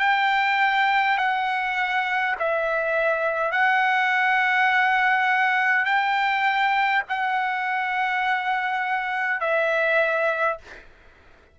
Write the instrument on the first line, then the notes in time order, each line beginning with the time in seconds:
trumpet
0.00 G5
1.18 F#5
2.39 E5
3.52 F#5
5.86 G5
7.09 F#5
9.41 E5